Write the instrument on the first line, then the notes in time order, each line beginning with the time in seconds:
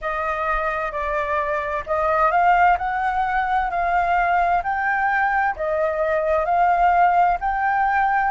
flute
0.01 D#5
0.91 D5
1.86 D#5
2.31 F5
2.78 F#5
3.70 F5
4.63 G5
5.56 D#5
6.45 F5
7.40 G5